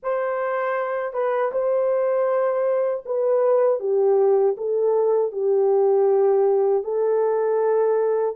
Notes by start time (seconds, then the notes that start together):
0.02 C5
1.13 B4
1.52 C5
3.05 B4
3.79 G4
4.57 A4
5.32 G4
6.83 A4